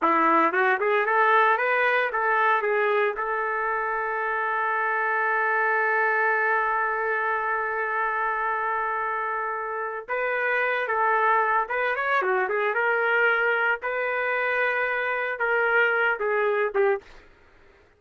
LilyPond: \new Staff \with { instrumentName = "trumpet" } { \time 4/4 \tempo 4 = 113 e'4 fis'8 gis'8 a'4 b'4 | a'4 gis'4 a'2~ | a'1~ | a'1~ |
a'2. b'4~ | b'8 a'4. b'8 cis''8 fis'8 gis'8 | ais'2 b'2~ | b'4 ais'4. gis'4 g'8 | }